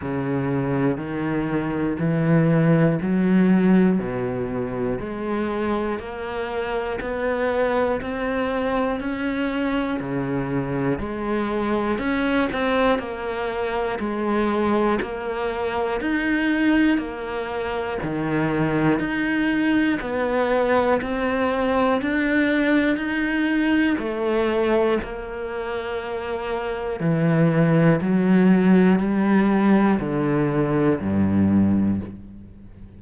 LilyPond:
\new Staff \with { instrumentName = "cello" } { \time 4/4 \tempo 4 = 60 cis4 dis4 e4 fis4 | b,4 gis4 ais4 b4 | c'4 cis'4 cis4 gis4 | cis'8 c'8 ais4 gis4 ais4 |
dis'4 ais4 dis4 dis'4 | b4 c'4 d'4 dis'4 | a4 ais2 e4 | fis4 g4 d4 g,4 | }